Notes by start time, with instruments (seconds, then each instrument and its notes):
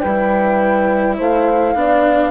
0.00 bassoon G3, horn B4, flute G5
0.07 cello E4
1.18 bassoon A3, horn C5, flute F5
1.75 bassoon B3, cello D4, horn D5